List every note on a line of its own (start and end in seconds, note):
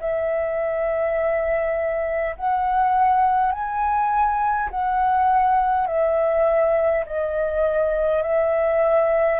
0.00 2.35 E5
2.36 3.52 F#5
3.52 4.70 G#5
4.71 5.87 F#5
5.87 7.04 E5
7.06 8.22 D#5
8.22 9.40 E5